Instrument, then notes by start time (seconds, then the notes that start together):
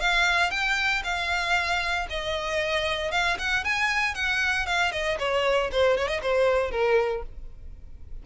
violin
0.00 F5
0.51 G5
1.03 F5
2.10 D#5
3.11 F5
3.39 F#5
3.64 G#5
4.14 F#5
4.66 F5
4.92 D#5
5.19 C#5
5.72 C5
5.97 C#5
6.08 D#5
6.22 C5
6.71 A#4